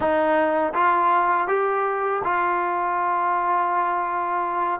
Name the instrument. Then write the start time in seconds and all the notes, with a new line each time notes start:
trombone
0.00 D#4
0.73 F4
1.47 G4
2.24 F4